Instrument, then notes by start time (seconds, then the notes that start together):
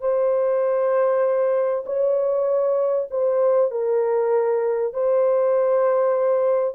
horn
0.00 C5
1.85 C#5
3.10 C5
3.70 A#4
4.93 C5